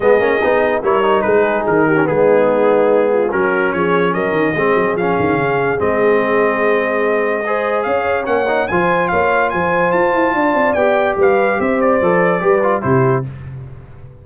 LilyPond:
<<
  \new Staff \with { instrumentName = "trumpet" } { \time 4/4 \tempo 4 = 145 dis''2 cis''4 b'4 | ais'4 gis'2. | ais'4 cis''4 dis''2 | f''2 dis''2~ |
dis''2. f''4 | fis''4 gis''4 f''4 gis''4 | a''2 g''4 f''4 | e''8 d''2~ d''8 c''4 | }
  \new Staff \with { instrumentName = "horn" } { \time 4/4 gis'2 ais'4 gis'4~ | gis'8 g'8 dis'2~ dis'8 f'8 | fis'4 gis'4 ais'4 gis'4~ | gis'1~ |
gis'2 c''4 cis''4~ | cis''4 c''4 cis''4 c''4~ | c''4 d''2 b'4 | c''2 b'4 g'4 | }
  \new Staff \with { instrumentName = "trombone" } { \time 4/4 b8 cis'8 dis'4 e'8 dis'4.~ | dis'8. cis'16 b2. | cis'2. c'4 | cis'2 c'2~ |
c'2 gis'2 | cis'8 dis'8 f'2.~ | f'2 g'2~ | g'4 a'4 g'8 f'8 e'4 | }
  \new Staff \with { instrumentName = "tuba" } { \time 4/4 gis8 ais8 b4 g4 gis4 | dis4 gis2. | fis4 f4 fis8 dis8 gis8 fis8 | f8 dis8 cis4 gis2~ |
gis2. cis'4 | ais4 f4 ais4 f4 | f'8 e'8 d'8 c'8 b4 g4 | c'4 f4 g4 c4 | }
>>